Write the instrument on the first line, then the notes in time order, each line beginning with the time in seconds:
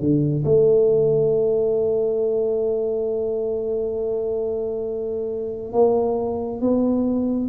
tuba
0.00 D3
0.45 A3
5.73 A#3
6.61 B3